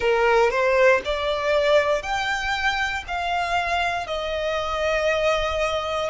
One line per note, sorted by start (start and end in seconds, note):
0.00 0.50 A#4
0.50 1.01 C5
1.04 2.02 D5
2.02 3.04 G5
3.07 4.06 F5
4.06 6.10 D#5